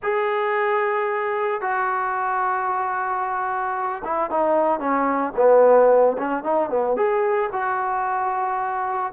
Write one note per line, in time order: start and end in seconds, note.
0.02 1.61 G#4
1.61 4.02 F#4
4.04 4.30 E4
4.30 4.79 D#4
4.79 5.33 C#4
5.36 6.16 B3
6.18 6.43 C#4
6.43 6.69 D#4
6.69 6.96 B3
6.96 7.50 G#4
7.52 9.12 F#4